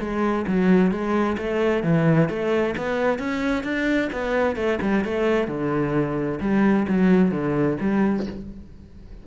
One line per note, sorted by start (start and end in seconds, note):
0.00 0.46 G#3
0.47 0.91 F#3
0.91 1.37 G#3
1.38 1.83 A3
1.83 2.29 E3
2.29 2.75 A3
2.78 3.19 B3
3.19 3.64 C#4
3.64 4.10 D4
4.12 4.56 B3
4.56 4.79 A3
4.82 5.04 G3
5.04 5.48 A3
5.48 6.39 D3
6.41 6.87 G3
6.89 7.32 F#3
7.32 7.77 D3
7.81 8.27 G3